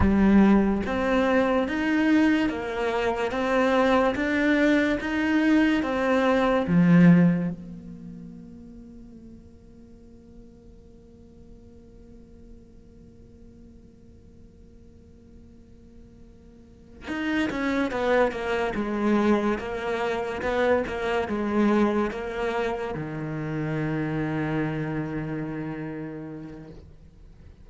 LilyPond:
\new Staff \with { instrumentName = "cello" } { \time 4/4 \tempo 4 = 72 g4 c'4 dis'4 ais4 | c'4 d'4 dis'4 c'4 | f4 ais2.~ | ais1~ |
ais1~ | ais8 dis'8 cis'8 b8 ais8 gis4 ais8~ | ais8 b8 ais8 gis4 ais4 dis8~ | dis1 | }